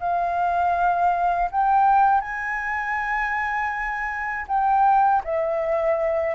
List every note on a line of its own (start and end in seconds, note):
0.00 1.50 F5
1.51 2.21 G5
2.21 4.46 G#5
4.48 5.23 G5
5.25 6.35 E5